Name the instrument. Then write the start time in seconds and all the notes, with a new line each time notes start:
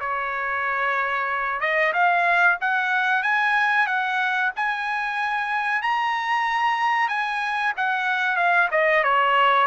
trumpet
0.00 C#5
1.61 D#5
1.94 F5
2.61 F#5
3.23 G#5
3.87 F#5
4.56 G#5
5.82 A#5
7.09 G#5
7.77 F#5
8.36 F5
8.72 D#5
9.04 C#5